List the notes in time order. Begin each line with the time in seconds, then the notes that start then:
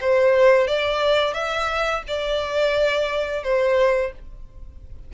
0.00 C5
0.67 D5
1.34 E5
2.07 D5
3.43 C5